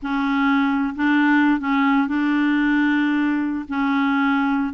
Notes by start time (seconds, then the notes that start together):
0.02 C#4
0.95 D4
1.59 C#4
2.07 D4
3.68 C#4